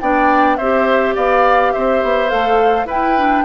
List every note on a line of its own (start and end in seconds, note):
0.00 0.58 B3
0.00 0.59 D4
0.00 0.57 D5
0.00 0.56 G5
0.56 1.16 C4
0.56 2.28 G4
0.56 1.15 C5
0.56 1.14 E5
1.15 1.73 B3
1.15 1.72 D5
1.15 1.72 F5
1.72 2.02 C4
1.72 2.86 C5
1.72 2.29 E5
2.02 2.31 B3
2.28 2.85 A3
2.28 2.86 A4
2.28 2.86 F5
2.85 3.43 E4
2.85 3.17 E4
2.85 3.44 B4
2.85 3.45 G5
3.17 3.45 D4